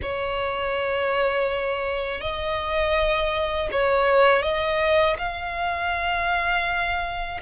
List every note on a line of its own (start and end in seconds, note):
0.02 2.21 C#5
2.21 3.69 D#5
3.71 4.42 C#5
4.42 5.16 D#5
5.18 7.40 F5